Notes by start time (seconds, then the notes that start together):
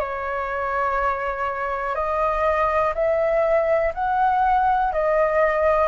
0.00 C#5
1.95 D#5
2.95 E5
3.95 F#5
4.93 D#5